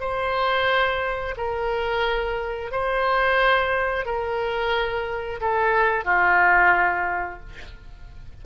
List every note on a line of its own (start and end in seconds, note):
0.00 1.35 C5
1.37 2.71 A#4
2.71 4.05 C5
4.05 5.40 A#4
5.41 6.05 A4
6.05 7.39 F4